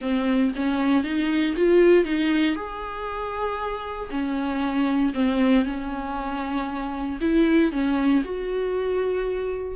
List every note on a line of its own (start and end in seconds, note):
0.01 0.52 C4
0.55 1.03 C#4
1.03 1.54 D#4
1.56 2.04 F4
2.04 2.55 D#4
2.55 4.09 G#4
4.10 5.13 C#4
5.14 5.65 C4
5.65 7.18 C#4
7.21 7.72 E4
7.72 8.23 C#4
8.24 9.76 F#4